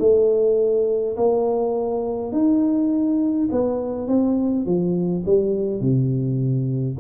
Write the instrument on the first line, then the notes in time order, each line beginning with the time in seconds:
tuba
0.00 A3
1.17 A#3
2.32 D#4
3.51 B3
4.08 C4
4.66 F3
5.26 G3
5.80 C3